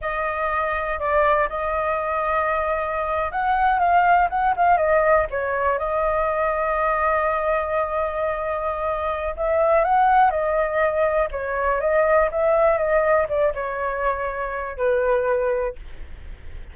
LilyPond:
\new Staff \with { instrumentName = "flute" } { \time 4/4 \tempo 4 = 122 dis''2 d''4 dis''4~ | dis''2~ dis''8. fis''4 f''16~ | f''8. fis''8 f''8 dis''4 cis''4 dis''16~ | dis''1~ |
dis''2. e''4 | fis''4 dis''2 cis''4 | dis''4 e''4 dis''4 d''8 cis''8~ | cis''2 b'2 | }